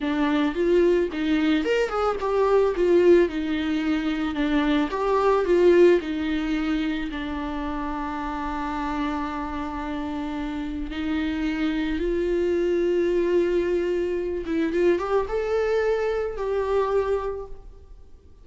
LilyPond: \new Staff \with { instrumentName = "viola" } { \time 4/4 \tempo 4 = 110 d'4 f'4 dis'4 ais'8 gis'8 | g'4 f'4 dis'2 | d'4 g'4 f'4 dis'4~ | dis'4 d'2.~ |
d'1 | dis'2 f'2~ | f'2~ f'8 e'8 f'8 g'8 | a'2 g'2 | }